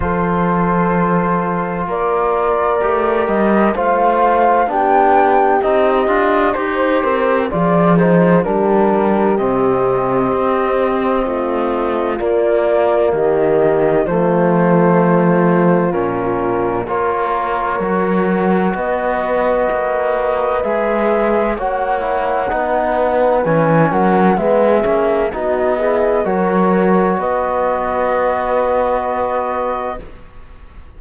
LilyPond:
<<
  \new Staff \with { instrumentName = "flute" } { \time 4/4 \tempo 4 = 64 c''2 d''4. dis''8 | f''4 g''4 dis''4 c''4 | d''8 c''8 ais'4 dis''2~ | dis''4 d''4 dis''4 c''4~ |
c''4 ais'4 cis''2 | dis''2 e''4 fis''4~ | fis''4 gis''8 fis''8 e''4 dis''4 | cis''4 dis''2. | }
  \new Staff \with { instrumentName = "horn" } { \time 4/4 a'2 ais'2 | c''4 g'2 c''8 ais'8 | gis'4 g'2. | f'2 g'4 f'4~ |
f'2 ais'2 | b'2. cis''4 | b'4. ais'8 gis'4 fis'8 gis'8 | ais'4 b'2. | }
  \new Staff \with { instrumentName = "trombone" } { \time 4/4 f'2. g'4 | f'4 d'4 dis'8 f'8 g'4 | f'8 dis'8 d'4 c'2~ | c'4 ais2 a4~ |
a4 cis'4 f'4 fis'4~ | fis'2 gis'4 fis'8 e'8 | dis'4 cis'4 b8 cis'8 dis'8 e'8 | fis'1 | }
  \new Staff \with { instrumentName = "cello" } { \time 4/4 f2 ais4 a8 g8 | a4 b4 c'8 d'8 dis'8 c'8 | f4 g4 c4 c'4 | a4 ais4 dis4 f4~ |
f4 ais,4 ais4 fis4 | b4 ais4 gis4 ais4 | b4 e8 fis8 gis8 ais8 b4 | fis4 b2. | }
>>